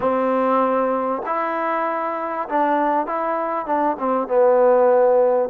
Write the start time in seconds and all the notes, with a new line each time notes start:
0.00 C4
1.26 E4
2.49 D4
3.06 E4
3.66 D4
3.99 C4
4.27 B3